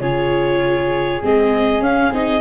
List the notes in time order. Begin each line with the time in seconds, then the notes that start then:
0.00 C#3 F4 G#4 C#5
1.22 G#3 C4 D#5
1.80 C#4 F5
2.12 C4 D#4 D#5